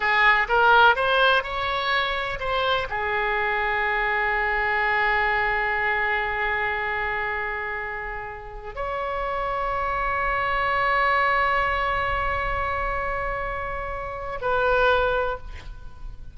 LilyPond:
\new Staff \with { instrumentName = "oboe" } { \time 4/4 \tempo 4 = 125 gis'4 ais'4 c''4 cis''4~ | cis''4 c''4 gis'2~ | gis'1~ | gis'1~ |
gis'2~ gis'16 cis''4.~ cis''16~ | cis''1~ | cis''1~ | cis''2 b'2 | }